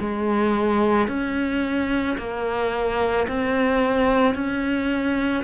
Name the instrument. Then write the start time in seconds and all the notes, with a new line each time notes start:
cello
0.00 G#3
1.08 C#4
2.18 A#3
3.28 C4
4.35 C#4